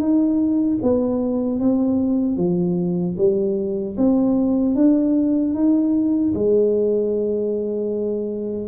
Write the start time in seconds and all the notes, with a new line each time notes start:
0.00 D#4
0.83 B3
1.60 C4
2.37 F3
3.18 G3
3.98 C4
4.76 D4
5.55 D#4
6.35 G#3